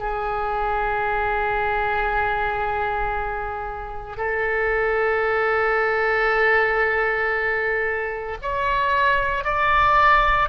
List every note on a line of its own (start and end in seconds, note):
0.00 4.17 G#4
4.17 8.38 A4
8.42 9.45 C#5
9.45 10.50 D5